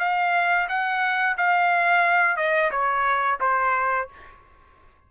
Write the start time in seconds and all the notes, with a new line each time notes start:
0.00 F5
0.69 F#5
1.38 F5
2.37 D#5
2.71 C#5
3.41 C5